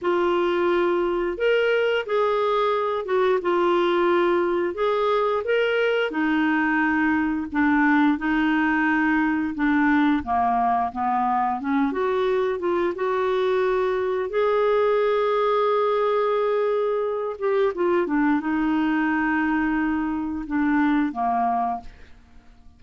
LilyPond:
\new Staff \with { instrumentName = "clarinet" } { \time 4/4 \tempo 4 = 88 f'2 ais'4 gis'4~ | gis'8 fis'8 f'2 gis'4 | ais'4 dis'2 d'4 | dis'2 d'4 ais4 |
b4 cis'8 fis'4 f'8 fis'4~ | fis'4 gis'2.~ | gis'4. g'8 f'8 d'8 dis'4~ | dis'2 d'4 ais4 | }